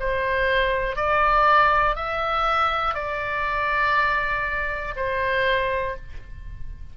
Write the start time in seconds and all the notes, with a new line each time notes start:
0.00 C5
0.97 D5
1.96 E5
2.95 D5
4.97 C5